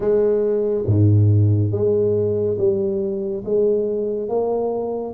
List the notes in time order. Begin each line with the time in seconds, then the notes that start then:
0.00 G#3
0.86 G#2
1.71 G#3
2.58 G3
3.44 G#3
4.29 A#3